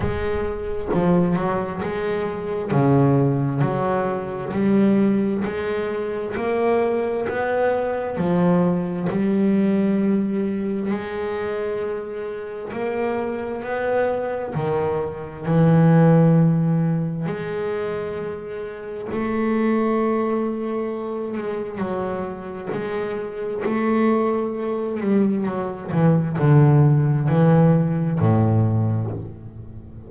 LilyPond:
\new Staff \with { instrumentName = "double bass" } { \time 4/4 \tempo 4 = 66 gis4 f8 fis8 gis4 cis4 | fis4 g4 gis4 ais4 | b4 f4 g2 | gis2 ais4 b4 |
dis4 e2 gis4~ | gis4 a2~ a8 gis8 | fis4 gis4 a4. g8 | fis8 e8 d4 e4 a,4 | }